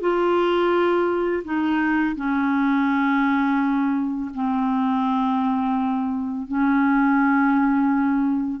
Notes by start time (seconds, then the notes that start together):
0.00 F4
1.44 D#4
2.16 C#4
4.34 C4
6.47 C#4